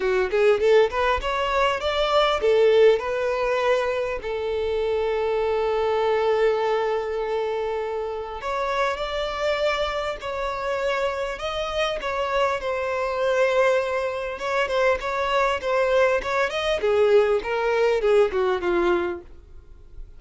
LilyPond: \new Staff \with { instrumentName = "violin" } { \time 4/4 \tempo 4 = 100 fis'8 gis'8 a'8 b'8 cis''4 d''4 | a'4 b'2 a'4~ | a'1~ | a'2 cis''4 d''4~ |
d''4 cis''2 dis''4 | cis''4 c''2. | cis''8 c''8 cis''4 c''4 cis''8 dis''8 | gis'4 ais'4 gis'8 fis'8 f'4 | }